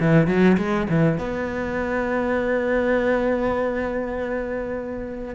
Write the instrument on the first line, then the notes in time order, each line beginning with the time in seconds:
cello
0.00 E3
0.27 F#3
0.58 G#3
0.89 E3
1.18 B3